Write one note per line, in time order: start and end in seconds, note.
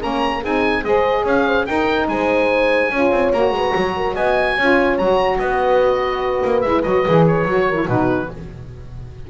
0.00 0.44 A#3
0.00 0.42 C#4
0.00 0.40 A#4
0.00 0.44 A#5
0.40 0.84 C4
0.40 0.84 D#4
0.40 0.82 G#4
0.40 0.84 G#5
0.84 1.24 G#3
0.84 1.67 G#4
0.84 1.23 C5
0.84 1.25 D#5
1.23 1.65 C#4
1.23 1.44 C#5
1.23 1.66 F5
1.46 1.67 C5
1.66 2.91 D#4
1.66 2.08 D#4
1.66 2.09 A#4
1.66 2.07 G5
2.08 2.91 G#3
2.08 2.93 C5
2.08 3.33 G#5
2.91 3.11 C#4
2.91 3.35 F4
2.91 3.55 C#5
3.11 3.32 C4
3.33 3.51 A#3
3.33 4.59 F#4
3.33 4.16 A#5
3.51 3.72 G#3
3.51 3.74 B4
3.74 4.16 F#3
3.74 3.95 C#5
3.97 4.14 A#4
4.14 4.57 B3
4.14 4.55 D#5
4.14 4.98 G#5
4.56 4.98 C#4
4.56 5.01 F4
4.56 5.38 C#5
4.98 5.39 F#3
4.98 6.64 F#4
4.98 5.39 A#5
5.39 6.42 B3
5.39 7.68 B4
5.39 6.61 D#5
6.45 6.64 A#3
6.61 6.84 G#3
6.61 6.85 E4
6.61 6.82 E5
6.83 7.06 F#3
6.83 7.06 F#4
6.83 7.25 D#5
7.06 7.45 E3
7.06 7.47 G#4
7.27 7.89 C#5
7.45 7.86 F#3
7.45 7.74 F#4
7.69 7.85 E4
7.69 7.87 A#4
7.87 8.29 B2
7.87 8.30 D#4
7.87 8.29 F#4
7.87 8.30 B4